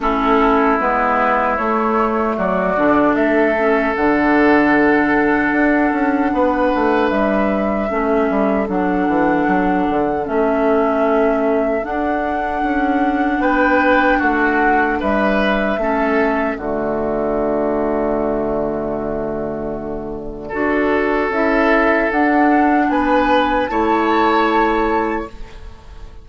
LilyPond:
<<
  \new Staff \with { instrumentName = "flute" } { \time 4/4 \tempo 4 = 76 a'4 b'4 cis''4 d''4 | e''4 fis''2.~ | fis''4 e''2 fis''4~ | fis''4 e''2 fis''4~ |
fis''4 g''4 fis''4 e''4~ | e''4 d''2.~ | d''2. e''4 | fis''4 gis''4 a''2 | }
  \new Staff \with { instrumentName = "oboe" } { \time 4/4 e'2. fis'4 | a'1 | b'2 a'2~ | a'1~ |
a'4 b'4 fis'4 b'4 | a'4 fis'2.~ | fis'2 a'2~ | a'4 b'4 cis''2 | }
  \new Staff \with { instrumentName = "clarinet" } { \time 4/4 cis'4 b4 a4. d'8~ | d'8 cis'8 d'2.~ | d'2 cis'4 d'4~ | d'4 cis'2 d'4~ |
d'1 | cis'4 a2.~ | a2 fis'4 e'4 | d'2 e'2 | }
  \new Staff \with { instrumentName = "bassoon" } { \time 4/4 a4 gis4 a4 fis8 d8 | a4 d2 d'8 cis'8 | b8 a8 g4 a8 g8 fis8 e8 | fis8 d8 a2 d'4 |
cis'4 b4 a4 g4 | a4 d2.~ | d2 d'4 cis'4 | d'4 b4 a2 | }
>>